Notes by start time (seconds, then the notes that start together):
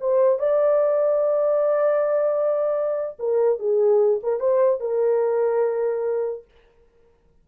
0.00 C5
0.39 D5
3.19 A#4
3.59 G#4
4.23 A#4
4.40 C5
4.80 A#4